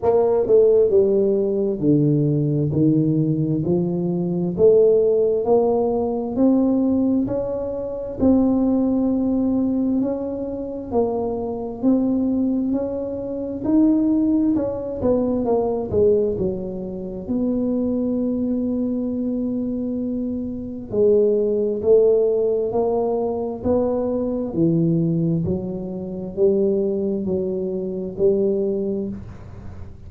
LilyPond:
\new Staff \with { instrumentName = "tuba" } { \time 4/4 \tempo 4 = 66 ais8 a8 g4 d4 dis4 | f4 a4 ais4 c'4 | cis'4 c'2 cis'4 | ais4 c'4 cis'4 dis'4 |
cis'8 b8 ais8 gis8 fis4 b4~ | b2. gis4 | a4 ais4 b4 e4 | fis4 g4 fis4 g4 | }